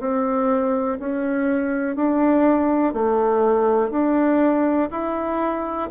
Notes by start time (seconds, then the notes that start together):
0.00 C4
0.99 C#4
1.96 D4
2.93 A3
3.91 D4
4.91 E4